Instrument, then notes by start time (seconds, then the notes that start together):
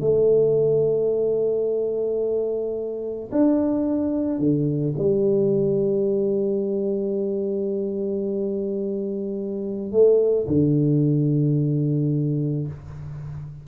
tuba
0.00 A3
3.32 D4
4.39 D3
4.98 G3
9.92 A3
10.47 D3